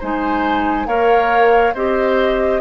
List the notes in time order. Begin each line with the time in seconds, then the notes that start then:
0.00 G#3 D#4 C5 G#5
0.86 A#3 A#4 C#5 F5
1.74 C4 G4 C5 D#5